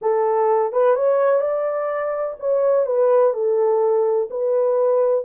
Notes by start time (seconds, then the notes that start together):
0.01 A4
0.72 B4
0.95 C#5
1.40 D5
2.39 C#5
2.86 B4
3.33 A4
4.30 B4